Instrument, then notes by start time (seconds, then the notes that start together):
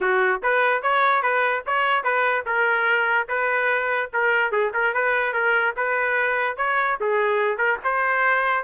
trumpet
0.00 F#4
0.42 B4
0.82 C#5
1.22 B4
1.66 C#5
2.03 B4
2.45 A#4
3.28 B4
4.13 A#4
4.51 G#4
4.73 A#4
4.93 B4
5.33 A#4
5.76 B4
6.56 C#5
7.00 G#4
7.57 A#4
7.84 C5